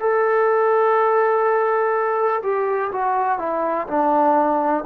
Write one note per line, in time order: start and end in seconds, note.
0.00 2.42 A4
2.43 2.91 G4
2.92 3.39 F#4
3.39 3.87 E4
3.88 4.84 D4